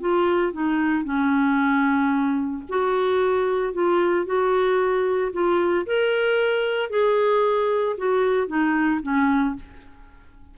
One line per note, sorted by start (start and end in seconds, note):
0.00 0.52 F4
0.52 1.04 D#4
1.04 2.63 C#4
2.69 3.73 F#4
3.73 4.26 F4
4.26 5.32 F#4
5.32 5.86 F4
5.86 6.90 A#4
6.90 7.96 G#4
7.97 8.47 F#4
8.47 9.00 D#4
9.02 9.55 C#4